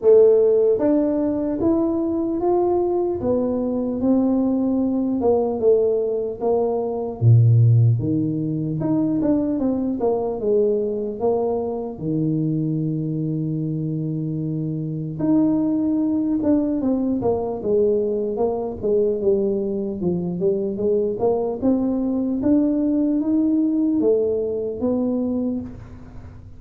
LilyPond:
\new Staff \with { instrumentName = "tuba" } { \time 4/4 \tempo 4 = 75 a4 d'4 e'4 f'4 | b4 c'4. ais8 a4 | ais4 ais,4 dis4 dis'8 d'8 | c'8 ais8 gis4 ais4 dis4~ |
dis2. dis'4~ | dis'8 d'8 c'8 ais8 gis4 ais8 gis8 | g4 f8 g8 gis8 ais8 c'4 | d'4 dis'4 a4 b4 | }